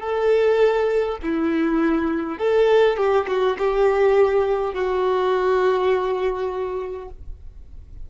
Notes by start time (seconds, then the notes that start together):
0.00 A4
1.22 E4
2.38 A4
2.97 G4
3.27 F#4
3.58 G4
4.74 F#4